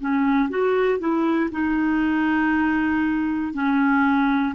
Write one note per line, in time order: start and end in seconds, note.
0.00 0.49 C#4
0.49 0.99 F#4
0.99 1.50 E4
1.51 3.53 D#4
3.53 4.55 C#4